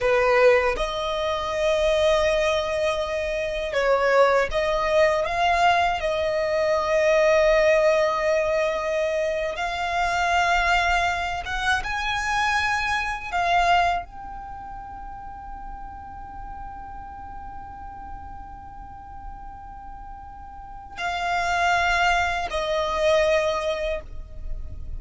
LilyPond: \new Staff \with { instrumentName = "violin" } { \time 4/4 \tempo 4 = 80 b'4 dis''2.~ | dis''4 cis''4 dis''4 f''4 | dis''1~ | dis''8. f''2~ f''8 fis''8 gis''16~ |
gis''4.~ gis''16 f''4 g''4~ g''16~ | g''1~ | g''1 | f''2 dis''2 | }